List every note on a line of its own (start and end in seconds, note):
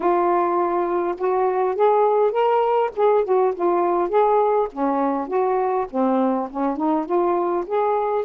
0.00 1.15 F4
1.18 1.75 F#4
1.75 2.31 G#4
2.31 2.90 A#4
2.95 3.24 G#4
3.24 3.53 F#4
3.54 4.09 F4
4.09 4.68 G#4
4.72 5.27 C#4
5.27 5.86 F#4
5.90 6.49 C4
6.50 6.76 C#4
6.76 7.05 D#4
7.05 7.64 F4
7.66 8.25 G#4